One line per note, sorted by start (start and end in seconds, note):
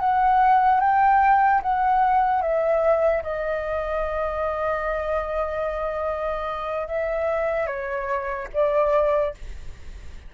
0.00 0.81 F#5
0.81 1.62 G5
1.63 2.42 F#5
2.42 3.23 E5
3.23 6.88 D#5
6.88 7.67 E5
7.67 8.48 C#5
8.54 9.35 D5